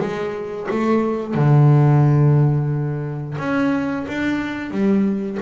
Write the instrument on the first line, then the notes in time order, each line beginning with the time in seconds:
double bass
0.00 G#3
0.70 A3
1.34 D3
3.38 C#4
4.08 D4
4.70 G3